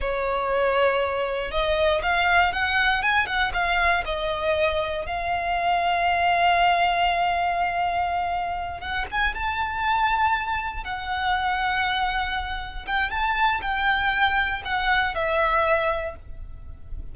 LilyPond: \new Staff \with { instrumentName = "violin" } { \time 4/4 \tempo 4 = 119 cis''2. dis''4 | f''4 fis''4 gis''8 fis''8 f''4 | dis''2 f''2~ | f''1~ |
f''4. fis''8 gis''8 a''4.~ | a''4. fis''2~ fis''8~ | fis''4. g''8 a''4 g''4~ | g''4 fis''4 e''2 | }